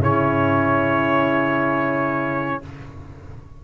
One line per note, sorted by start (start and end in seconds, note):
0.00 2.61 C#3
0.00 2.63 C#4
0.00 2.62 E4
0.00 2.64 C#5